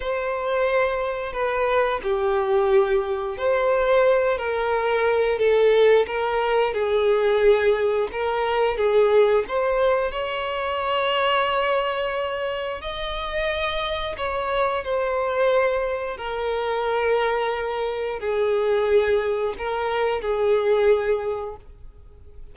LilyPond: \new Staff \with { instrumentName = "violin" } { \time 4/4 \tempo 4 = 89 c''2 b'4 g'4~ | g'4 c''4. ais'4. | a'4 ais'4 gis'2 | ais'4 gis'4 c''4 cis''4~ |
cis''2. dis''4~ | dis''4 cis''4 c''2 | ais'2. gis'4~ | gis'4 ais'4 gis'2 | }